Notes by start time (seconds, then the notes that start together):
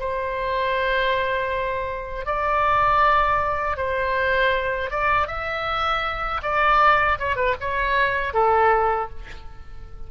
0.00 C5
2.26 D5
3.77 C5
4.91 D5
5.28 E5
6.43 D5
7.19 C#5
7.37 B4
7.61 C#5
8.34 A4